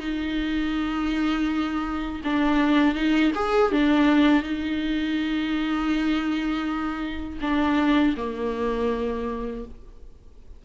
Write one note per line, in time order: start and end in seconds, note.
0.00 2.22 D#4
2.25 2.95 D4
2.95 3.32 D#4
3.35 3.72 G#4
3.73 4.43 D4
4.43 7.39 D#4
7.42 8.16 D4
8.17 9.65 A#3